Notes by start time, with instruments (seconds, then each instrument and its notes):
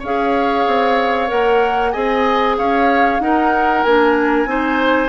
0.00 bassoon C#4, clarinet G#4, oboe C#5, flute F5
0.67 bassoon C4
1.28 bassoon A#3, clarinet A#4, flute F#5
1.92 bassoon C4, clarinet G#4, oboe D#5, flute G#5
2.58 bassoon C#4, oboe C#5, flute F5
3.20 bassoon D#4, clarinet D#4, oboe A#4, flute F#5
3.84 bassoon A#3, clarinet D4, flute G#5
4.46 bassoon C4, clarinet D#4, oboe C5